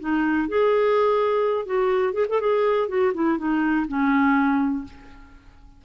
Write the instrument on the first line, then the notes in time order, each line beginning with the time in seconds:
clarinet
0.00 D#4
0.48 G#4
1.66 F#4
2.13 G#4
2.29 A4
2.40 G#4
2.88 F#4
3.14 E4
3.38 D#4
3.88 C#4